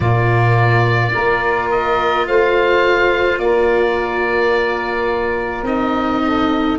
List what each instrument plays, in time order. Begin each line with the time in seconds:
0.00 tuba A#2, cello A#3, saxophone F4, oboe D5
1.10 tuba A#3, cello F4, saxophone A#4
1.71 oboe D#5
2.27 tuba A3, saxophone C5, oboe F5
3.38 tuba A#3, saxophone A#4, oboe D5
5.62 tuba C4, cello D#4, oboe D#5
6.23 saxophone A4